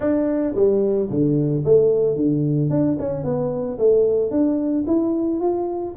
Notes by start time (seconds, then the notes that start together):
0.00 D4
0.55 G3
1.10 D3
1.64 A3
2.15 D3
2.70 D4
2.99 C#4
3.23 B3
3.78 A3
4.30 D4
4.86 E4
5.40 F4